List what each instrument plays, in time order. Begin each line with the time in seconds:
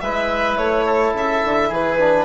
0.00 bassoon G#3, trombone E4, oboe B4, violin E5
0.57 bassoon A3, violin C#5
0.86 oboe A4
1.13 bassoon C#3, violin E5
1.44 bassoon D3
1.68 bassoon E3, oboe G#4, violin B4
1.99 trombone D4